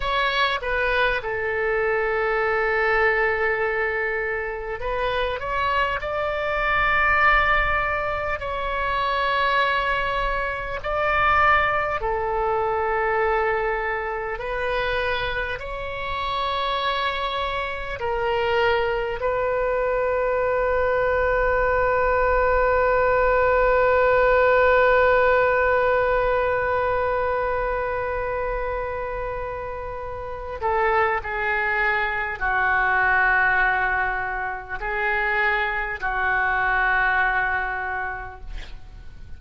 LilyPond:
\new Staff \with { instrumentName = "oboe" } { \time 4/4 \tempo 4 = 50 cis''8 b'8 a'2. | b'8 cis''8 d''2 cis''4~ | cis''4 d''4 a'2 | b'4 cis''2 ais'4 |
b'1~ | b'1~ | b'4. a'8 gis'4 fis'4~ | fis'4 gis'4 fis'2 | }